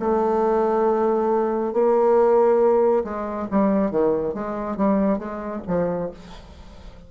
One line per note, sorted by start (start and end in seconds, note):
0.00 1.74 A3
1.74 3.04 A#3
3.05 3.48 G#3
3.51 3.91 G3
3.91 4.34 D#3
4.34 4.77 G#3
4.77 5.19 G3
5.19 5.62 G#3
5.68 6.11 F3